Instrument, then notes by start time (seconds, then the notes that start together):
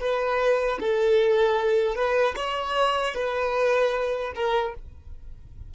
violin
0.00 B4
0.80 A4
1.95 B4
2.36 C#5
3.14 B4
4.35 A#4